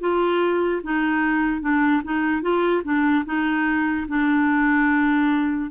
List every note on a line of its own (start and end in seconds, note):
0.00 0.81 F4
0.83 1.61 D#4
1.61 2.02 D4
2.03 2.42 D#4
2.42 2.82 F4
2.84 3.24 D4
3.25 4.06 D#4
4.08 5.70 D4